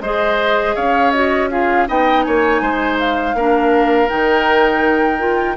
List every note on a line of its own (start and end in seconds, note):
0.00 0.74 G#3
0.00 1.14 G#4
0.00 0.75 C5
0.00 0.75 D#5
0.75 1.87 C#4
0.75 1.49 C#5
0.75 1.11 F5
1.11 1.50 F#4
1.11 1.48 D#5
1.50 1.87 F4
1.50 1.88 G#4
1.50 1.87 F5
1.87 2.25 B3
1.87 3.35 D#4
1.87 2.25 D#5
1.87 2.23 G5
2.23 2.61 A#3
2.23 2.61 C#5
2.23 2.97 G#5
2.61 3.34 G#3
2.61 3.35 C5
2.98 4.09 F5
3.34 4.08 A#3
3.34 4.08 D4
3.34 5.56 A#4
4.08 5.56 D#3
4.08 5.18 D#4
4.08 5.56 G5
5.18 5.55 F4